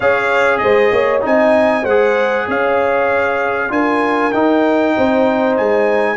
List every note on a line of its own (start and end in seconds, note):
0.00 0.62 C#4
0.00 1.20 G#4
0.00 0.61 C#5
0.00 0.58 F5
0.58 0.91 G#3
0.58 0.92 C5
0.58 1.20 D#5
0.91 1.22 A#3
0.91 1.23 C#5
1.20 1.84 C4
1.20 1.82 D#4
1.20 1.83 D#5
1.20 1.85 G#5
1.83 2.46 G#3
1.83 3.69 G#4
1.83 2.45 C5
1.83 2.47 F#5
2.47 3.70 C#4
2.47 3.71 C#5
2.47 3.72 F5
3.69 4.32 D4
3.69 4.31 F4
3.69 4.95 A#4
3.69 4.32 G#5
4.32 4.95 D#4
4.32 6.16 D#4
4.32 5.56 G5
4.95 5.59 C4
4.95 6.16 C5
5.56 6.16 G#3
5.56 6.16 G#5